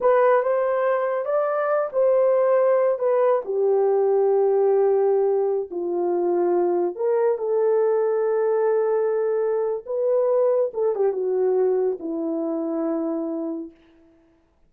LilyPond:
\new Staff \with { instrumentName = "horn" } { \time 4/4 \tempo 4 = 140 b'4 c''2 d''4~ | d''8 c''2~ c''8 b'4 | g'1~ | g'4~ g'16 f'2~ f'8.~ |
f'16 ais'4 a'2~ a'8.~ | a'2. b'4~ | b'4 a'8 g'8 fis'2 | e'1 | }